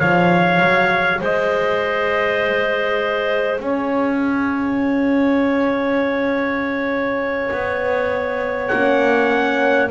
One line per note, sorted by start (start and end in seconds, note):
0.00 0.60 F3
0.00 8.71 G#4
0.00 1.20 C#5
0.00 1.20 F5
0.60 1.20 F#3
1.20 3.60 G#3
1.20 3.60 C5
1.20 3.59 D#5
3.59 7.50 C#4
3.59 9.91 C#5
3.59 8.68 F5
7.51 8.71 B3
8.68 9.91 A#3
8.68 9.91 C#4
8.68 9.88 F#5